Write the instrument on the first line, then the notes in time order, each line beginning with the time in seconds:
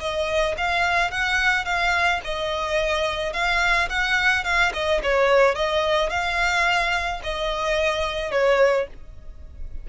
violin
0.00 D#5
0.57 F5
1.11 F#5
1.65 F5
2.24 D#5
3.33 F5
3.90 F#5
4.45 F5
4.73 D#5
5.03 C#5
5.55 D#5
6.10 F5
7.23 D#5
8.32 C#5